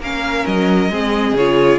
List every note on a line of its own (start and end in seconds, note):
0.00 0.45 A#3
0.00 0.92 C#4
0.00 0.91 A#4
0.00 0.47 F5
0.47 0.90 F#3
0.47 1.37 D#5
0.90 1.33 G#3
0.90 1.37 C4
0.90 1.79 G#4
1.33 1.79 C#3
1.33 1.79 F4
1.33 1.79 C#5